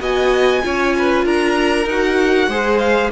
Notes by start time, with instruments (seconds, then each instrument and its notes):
0.00 cello B3, viola F#4, violin D#5 G#5
0.61 cello C#4, viola F4, violin C#5
0.98 violin B4
1.25 cello D4, violin A#4 A#5
1.86 cello D#4, viola F#4, violin F#5
2.47 cello G#3, viola G#4, violin C5
2.78 violin F5